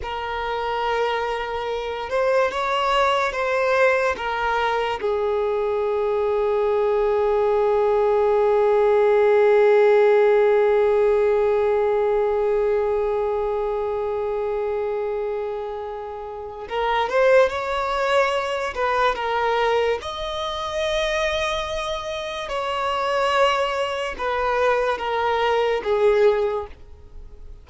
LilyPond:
\new Staff \with { instrumentName = "violin" } { \time 4/4 \tempo 4 = 72 ais'2~ ais'8 c''8 cis''4 | c''4 ais'4 gis'2~ | gis'1~ | gis'1~ |
gis'1 | ais'8 c''8 cis''4. b'8 ais'4 | dis''2. cis''4~ | cis''4 b'4 ais'4 gis'4 | }